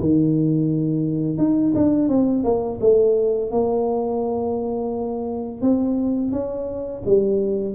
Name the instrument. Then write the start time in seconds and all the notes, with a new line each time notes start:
tuba
0.00 D#3
1.38 D#4
1.75 D4
2.09 C4
2.44 A#3
2.81 A3
3.51 A#3
5.61 C4
6.32 C#4
7.06 G3